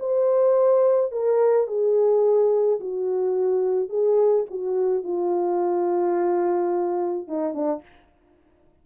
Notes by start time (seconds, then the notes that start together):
0.00 C5
1.12 A#4
1.68 G#4
2.81 F#4
3.90 G#4
4.51 F#4
5.04 F4
7.28 D#4
7.54 D4